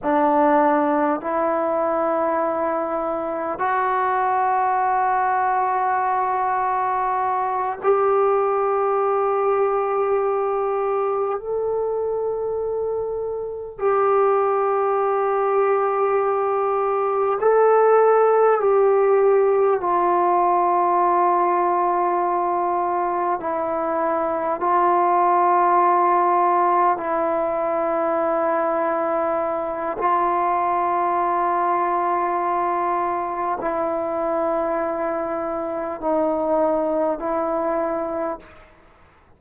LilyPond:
\new Staff \with { instrumentName = "trombone" } { \time 4/4 \tempo 4 = 50 d'4 e'2 fis'4~ | fis'2~ fis'8 g'4.~ | g'4. a'2 g'8~ | g'2~ g'8 a'4 g'8~ |
g'8 f'2. e'8~ | e'8 f'2 e'4.~ | e'4 f'2. | e'2 dis'4 e'4 | }